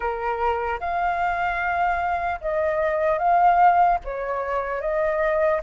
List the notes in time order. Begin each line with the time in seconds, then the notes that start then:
0.00 A#4
0.80 F5
2.40 D#5
3.18 F5
4.04 C#5
4.80 D#5